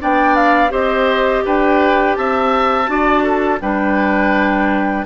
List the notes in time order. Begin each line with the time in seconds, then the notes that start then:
0.00 B3 D4 D5 G5
0.36 F5
0.70 C4 G4 C5 D#5
1.46 D4 B4 G5
2.16 C4 E5 A5
2.87 D4 F#4 D5
3.24 A4
3.61 G3 D4 B4 G5